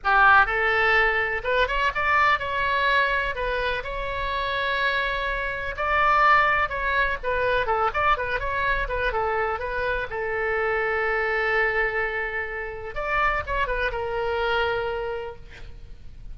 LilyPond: \new Staff \with { instrumentName = "oboe" } { \time 4/4 \tempo 4 = 125 g'4 a'2 b'8 cis''8 | d''4 cis''2 b'4 | cis''1 | d''2 cis''4 b'4 |
a'8 d''8 b'8 cis''4 b'8 a'4 | b'4 a'2.~ | a'2. d''4 | cis''8 b'8 ais'2. | }